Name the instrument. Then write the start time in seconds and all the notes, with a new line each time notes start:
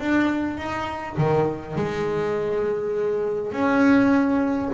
double bass
0.00 D4
0.57 D#4
1.17 D#3
1.76 G#3
3.52 C#4